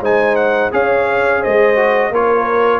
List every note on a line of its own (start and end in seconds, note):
0.00 0.70 G#3
0.00 0.71 D#4
0.00 0.71 C5
0.00 0.35 G#5
0.35 0.70 F#5
0.71 1.42 C#4
0.71 1.76 G#4
0.71 1.40 C#5
0.71 1.43 F5
1.40 2.10 C5
1.40 2.13 D#5
1.47 2.10 G#3
1.76 2.10 F#4
2.10 2.80 A#3
2.10 2.80 F4
2.10 2.80 A#4
2.10 2.80 C#5